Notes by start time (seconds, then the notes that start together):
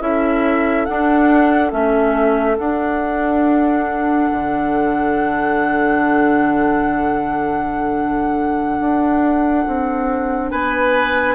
0.00 C#4 E4 A4 E5
0.85 D4 F#5
1.70 A3 C#4 E5
2.58 D4 F#5
4.31 D3
8.79 D4
9.66 C4
10.51 B3 B4 G#5